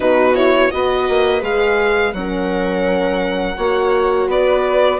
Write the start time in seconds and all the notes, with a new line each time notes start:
0.00 B2 D#4 F#4 B4
0.35 E4 C#5
0.70 B3 F#4 B4 D#5
1.08 A#3
1.41 G#3 G#4 F5
2.13 F#3 C#4 A#4 F#5
3.57 A#3 F#4 C#5
4.27 B3 B4 D5